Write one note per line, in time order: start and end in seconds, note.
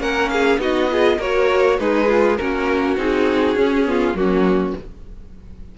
0.00 0.58 A#3
0.00 0.59 C#4
0.00 0.31 A#4
0.00 0.29 F#5
0.29 0.61 G#4
0.29 0.58 F5
0.58 1.17 B3
0.58 0.88 D#4
0.58 0.90 F#4
0.58 1.21 D#5
0.89 1.19 F4
0.89 1.18 G#4
1.18 1.79 A#3
1.18 1.80 F#4
1.18 1.77 A#4
1.18 1.79 C#5
1.79 2.38 G#3
1.79 2.08 D#4
1.79 2.39 G#4
1.79 2.36 B4
2.08 2.37 F4
2.36 2.97 A#3
2.36 2.97 C#4
2.36 3.88 F#4
2.36 2.96 A#4
2.97 3.55 C4
2.97 3.56 D#4
2.97 4.16 G#4
3.55 4.14 C#4
3.55 3.85 C#4
3.85 4.15 B3
3.85 4.17 F4
4.14 4.73 F#3
4.14 4.75 A#3
4.14 4.78 C#4
4.14 4.75 F#4